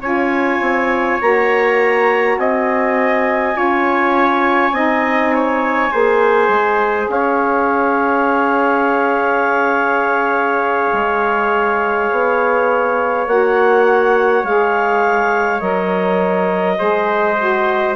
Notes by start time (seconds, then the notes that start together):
0.00 C#4 F4 C#5 G#5
0.61 C4
1.21 A#3 F#4 A#5
2.38 C4 D#5 G#5
3.53 C#4 F4 C#5
4.72 C4 D#4 D#5
5.34 C#5
5.91 A#3 G#4 C5
6.48 G#3
7.08 C#4 C#5 F5
10.93 G#3
12.11 B3
13.27 A#3 F#4 F#5
14.43 G#3 G#4 F5
15.60 F#3 A#4 D#5
16.77 G#3 G#4 C5
17.38 F#4